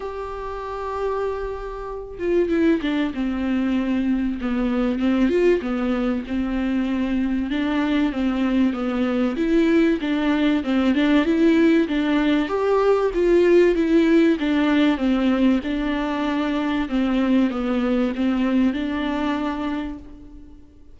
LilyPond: \new Staff \with { instrumentName = "viola" } { \time 4/4 \tempo 4 = 96 g'2.~ g'8 f'8 | e'8 d'8 c'2 b4 | c'8 f'8 b4 c'2 | d'4 c'4 b4 e'4 |
d'4 c'8 d'8 e'4 d'4 | g'4 f'4 e'4 d'4 | c'4 d'2 c'4 | b4 c'4 d'2 | }